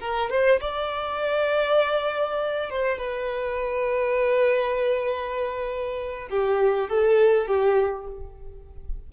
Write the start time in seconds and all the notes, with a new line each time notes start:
0.00 A#4
0.30 C5
0.61 D5
2.70 C5
2.98 B4
6.30 G4
6.89 A4
7.47 G4